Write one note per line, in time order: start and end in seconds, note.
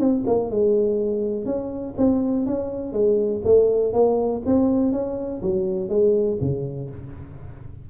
0.00 0.25 C4
0.27 0.51 A#3
0.51 1.46 G#3
1.46 1.95 C#4
1.98 2.47 C4
2.47 2.93 C#4
2.93 3.42 G#3
3.45 3.93 A3
3.93 4.43 A#3
4.46 4.93 C4
4.93 5.42 C#4
5.43 5.90 F#3
5.90 6.39 G#3
6.41 6.91 C#3